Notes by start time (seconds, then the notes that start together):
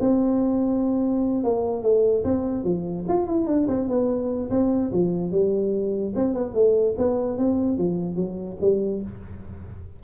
0.00 C4
1.44 A#3
1.82 A3
2.24 C4
2.63 F3
3.08 F4
3.27 E4
3.46 D4
3.67 C4
3.88 B3
4.50 C4
4.91 F3
5.31 G3
6.15 C4
6.33 B3
6.54 A3
6.98 B3
7.37 C4
7.77 F3
8.16 F#3
8.61 G3